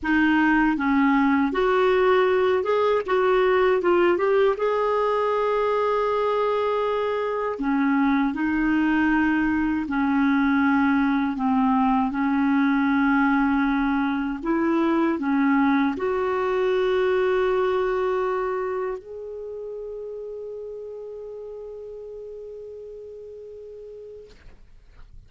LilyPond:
\new Staff \with { instrumentName = "clarinet" } { \time 4/4 \tempo 4 = 79 dis'4 cis'4 fis'4. gis'8 | fis'4 f'8 g'8 gis'2~ | gis'2 cis'4 dis'4~ | dis'4 cis'2 c'4 |
cis'2. e'4 | cis'4 fis'2.~ | fis'4 gis'2.~ | gis'1 | }